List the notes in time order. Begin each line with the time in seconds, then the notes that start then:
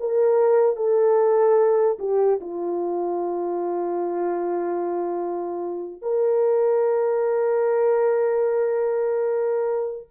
0.00 A#4
0.77 A4
2.00 G4
2.41 F4
6.02 A#4